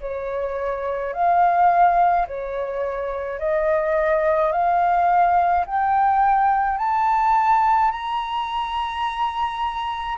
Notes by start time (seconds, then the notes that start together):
0.00 C#5
1.13 F5
2.27 C#5
3.39 D#5
4.51 F5
5.66 G5
6.78 A5
7.91 A#5